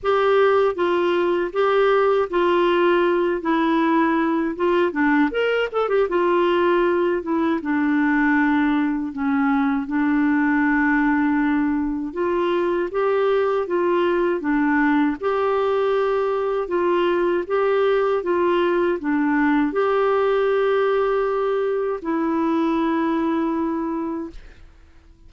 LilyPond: \new Staff \with { instrumentName = "clarinet" } { \time 4/4 \tempo 4 = 79 g'4 f'4 g'4 f'4~ | f'8 e'4. f'8 d'8 ais'8 a'16 g'16 | f'4. e'8 d'2 | cis'4 d'2. |
f'4 g'4 f'4 d'4 | g'2 f'4 g'4 | f'4 d'4 g'2~ | g'4 e'2. | }